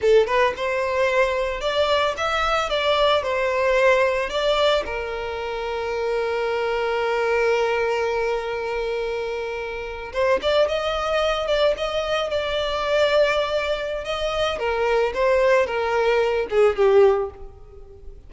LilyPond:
\new Staff \with { instrumentName = "violin" } { \time 4/4 \tempo 4 = 111 a'8 b'8 c''2 d''4 | e''4 d''4 c''2 | d''4 ais'2.~ | ais'1~ |
ais'2~ ais'8. c''8 d''8 dis''16~ | dis''4~ dis''16 d''8 dis''4 d''4~ d''16~ | d''2 dis''4 ais'4 | c''4 ais'4. gis'8 g'4 | }